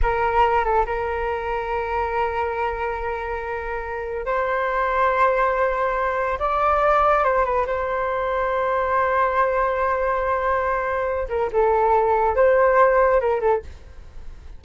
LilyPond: \new Staff \with { instrumentName = "flute" } { \time 4/4 \tempo 4 = 141 ais'4. a'8 ais'2~ | ais'1~ | ais'2 c''2~ | c''2. d''4~ |
d''4 c''8 b'8 c''2~ | c''1~ | c''2~ c''8 ais'8 a'4~ | a'4 c''2 ais'8 a'8 | }